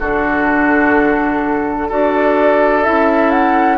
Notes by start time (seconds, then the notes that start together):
0.00 D3 D4 F#4 A4
1.89 D4 F#4 A4 D5
2.84 C#4 E4 E5
3.31 F#5